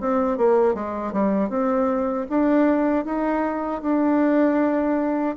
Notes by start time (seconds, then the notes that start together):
0.00 C4
0.37 A#3
0.74 G#3
1.12 G3
1.49 C4
2.29 D4
3.05 D#4
3.82 D4